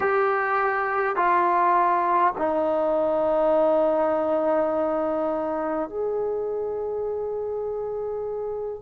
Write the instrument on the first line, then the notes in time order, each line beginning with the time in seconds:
trombone
0.00 G4
1.16 F4
2.37 D#4
5.89 G#4